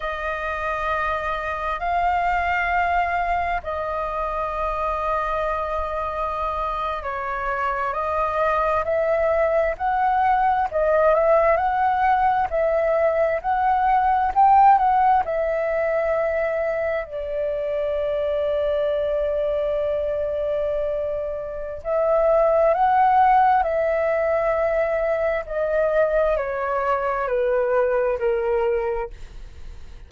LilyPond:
\new Staff \with { instrumentName = "flute" } { \time 4/4 \tempo 4 = 66 dis''2 f''2 | dis''2.~ dis''8. cis''16~ | cis''8. dis''4 e''4 fis''4 dis''16~ | dis''16 e''8 fis''4 e''4 fis''4 g''16~ |
g''16 fis''8 e''2 d''4~ d''16~ | d''1 | e''4 fis''4 e''2 | dis''4 cis''4 b'4 ais'4 | }